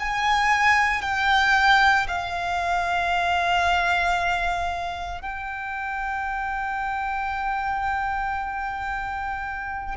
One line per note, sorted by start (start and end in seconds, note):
0.00 1.02 G#5
1.02 2.07 G5
2.08 5.22 F5
5.22 9.95 G5